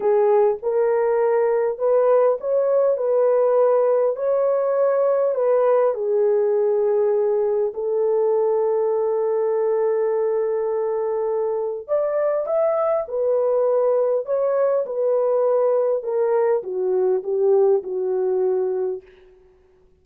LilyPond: \new Staff \with { instrumentName = "horn" } { \time 4/4 \tempo 4 = 101 gis'4 ais'2 b'4 | cis''4 b'2 cis''4~ | cis''4 b'4 gis'2~ | gis'4 a'2.~ |
a'1 | d''4 e''4 b'2 | cis''4 b'2 ais'4 | fis'4 g'4 fis'2 | }